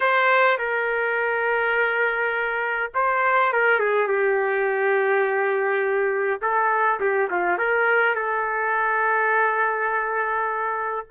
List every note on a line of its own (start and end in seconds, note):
0.00 0.57 C5
0.58 2.91 A#4
2.94 3.52 C5
3.52 3.79 A#4
3.79 4.07 G#4
4.07 6.40 G4
6.41 6.99 A4
7.00 7.29 G4
7.30 7.57 F4
7.57 8.15 A#4
8.15 11.06 A4